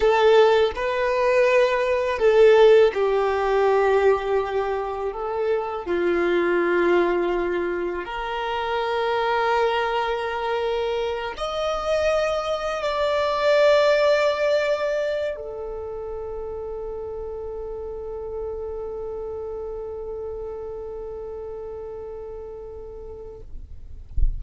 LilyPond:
\new Staff \with { instrumentName = "violin" } { \time 4/4 \tempo 4 = 82 a'4 b'2 a'4 | g'2. a'4 | f'2. ais'4~ | ais'2.~ ais'8 dis''8~ |
dis''4. d''2~ d''8~ | d''4 a'2.~ | a'1~ | a'1 | }